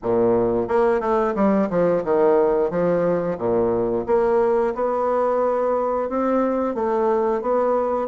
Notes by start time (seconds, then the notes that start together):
0.02 A#2
0.68 A#3
1.00 A3
1.35 G3
1.70 F3
2.04 D#3
2.70 F3
3.37 A#2
4.06 A#3
4.74 B3
6.09 C4
6.74 A3
7.41 B3